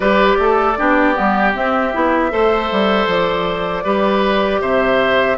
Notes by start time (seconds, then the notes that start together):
0.00 G3 G4 B4 D5
0.38 A3 A4
0.77 B3 D4 G4
1.14 G3 B3
1.53 C4 E5
1.92 B3 E4
2.30 A3 A4 C5
2.71 G3
3.06 F3 D5
3.83 G3 G4 B4
4.61 C3 C5 E5